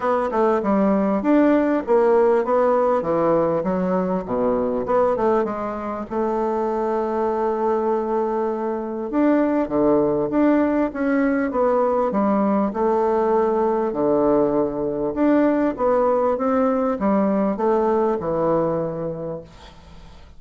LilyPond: \new Staff \with { instrumentName = "bassoon" } { \time 4/4 \tempo 4 = 99 b8 a8 g4 d'4 ais4 | b4 e4 fis4 b,4 | b8 a8 gis4 a2~ | a2. d'4 |
d4 d'4 cis'4 b4 | g4 a2 d4~ | d4 d'4 b4 c'4 | g4 a4 e2 | }